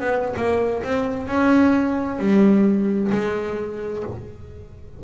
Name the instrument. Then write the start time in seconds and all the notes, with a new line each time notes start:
double bass
0.00 B3
0.37 A#3
0.83 C4
1.27 C#4
2.19 G3
3.12 G#3